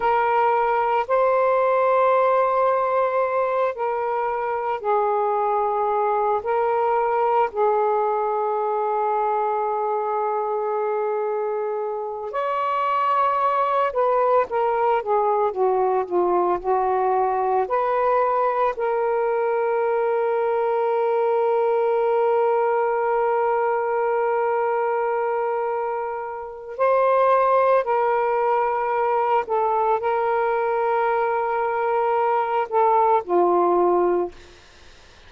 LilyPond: \new Staff \with { instrumentName = "saxophone" } { \time 4/4 \tempo 4 = 56 ais'4 c''2~ c''8 ais'8~ | ais'8 gis'4. ais'4 gis'4~ | gis'2.~ gis'8 cis''8~ | cis''4 b'8 ais'8 gis'8 fis'8 f'8 fis'8~ |
fis'8 b'4 ais'2~ ais'8~ | ais'1~ | ais'4 c''4 ais'4. a'8 | ais'2~ ais'8 a'8 f'4 | }